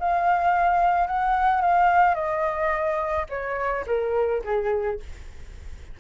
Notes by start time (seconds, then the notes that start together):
0.00 F5
1.07 F#5
1.62 F5
2.15 D#5
3.30 C#5
3.87 A#4
4.44 G#4